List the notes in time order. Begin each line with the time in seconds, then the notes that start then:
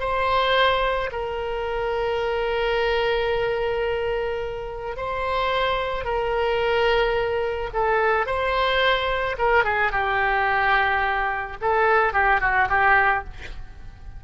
0.00 C5
1.12 A#4
4.97 C5
6.05 A#4
7.73 A4
8.26 C5
9.38 A#4
9.64 G#4
9.92 G4
11.61 A4
12.13 G4
12.41 F#4
12.69 G4